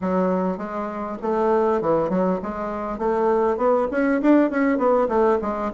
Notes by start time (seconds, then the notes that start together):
0.01 F#3
0.57 G#3
1.22 A3
1.81 E3
2.09 F#3
2.42 G#3
2.98 A3
3.57 B3
3.91 C#4
4.21 D4
4.50 C#4
4.78 B3
5.08 A3
5.41 G#3